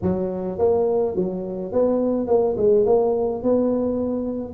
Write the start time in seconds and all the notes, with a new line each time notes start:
0.02 F#3
0.58 A#3
1.15 F#3
1.72 B3
2.27 A#3
2.57 G#3
2.85 A#3
3.43 B3